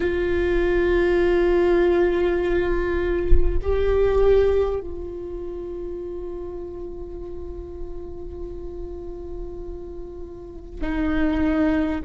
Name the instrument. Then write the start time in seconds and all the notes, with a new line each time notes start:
viola
0.00 F4
3.62 G4
4.80 F4
10.81 D#4